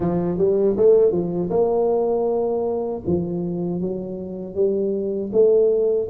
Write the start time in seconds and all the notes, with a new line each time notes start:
0.00 F3
0.38 G3
0.77 A3
1.12 F3
1.50 A#3
3.06 F3
3.80 F#3
4.55 G3
5.32 A3